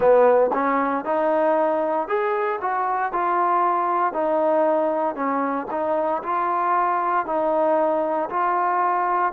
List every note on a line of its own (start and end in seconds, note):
0.00 0.50 B3
0.53 1.04 C#4
1.04 2.07 D#4
2.07 2.59 G#4
2.61 3.12 F#4
3.12 4.13 F4
4.13 5.14 D#4
5.14 5.66 C#4
5.70 6.22 D#4
6.23 7.26 F4
7.26 8.29 D#4
8.29 9.32 F4